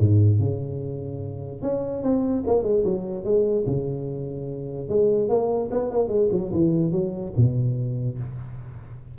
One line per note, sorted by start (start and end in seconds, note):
0.00 0.40 G#2
0.40 1.63 C#3
1.63 2.04 C#4
2.04 2.44 C4
2.47 2.64 A#3
2.64 2.84 G#3
2.85 3.25 F#3
3.25 3.66 G#3
3.67 4.89 C#3
4.89 5.29 G#3
5.29 5.70 A#3
5.72 5.91 B3
5.91 6.09 A#3
6.09 6.29 G#3
6.32 6.52 F#3
6.53 6.92 E3
6.92 7.33 F#3
7.37 8.19 B2